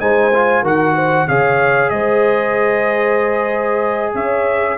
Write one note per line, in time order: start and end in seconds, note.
0.00 0.62 G#3
0.00 0.32 D#4
0.00 0.62 C5
0.00 0.64 G#5
0.33 0.64 F4
0.62 1.26 D#3
0.62 1.28 F#4
0.62 0.94 A#4
0.62 1.28 F#5
0.95 1.27 C5
1.28 1.91 C#3
1.28 4.78 G#4
1.28 1.92 C#5
1.28 1.90 F5
1.90 4.14 G#3
1.90 4.15 C5
1.90 4.13 D#5
4.14 4.78 C#4
4.14 4.78 C#5
4.14 4.78 E5